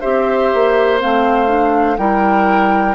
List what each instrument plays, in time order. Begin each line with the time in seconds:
0.00 bassoon C4, clarinet G4, oboe C5, flute E5
0.53 bassoon A#3
0.99 bassoon A3, clarinet C4, flute F5
1.47 clarinet D4
1.97 bassoon G3, clarinet E4, oboe A#4, flute G5